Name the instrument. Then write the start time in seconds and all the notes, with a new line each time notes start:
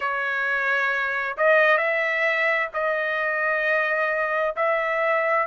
trumpet
0.00 C#5
1.37 D#5
1.77 E5
2.73 D#5
4.55 E5